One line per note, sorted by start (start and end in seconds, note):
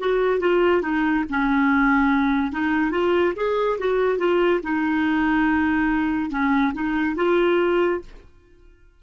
0.00 0.40 F#4
0.40 0.83 F4
0.83 1.25 D#4
1.30 2.52 C#4
2.52 2.92 D#4
2.92 3.34 F4
3.36 3.78 G#4
3.79 4.18 F#4
4.18 4.61 F4
4.64 6.31 D#4
6.31 6.73 C#4
6.74 7.16 D#4
7.16 8.01 F4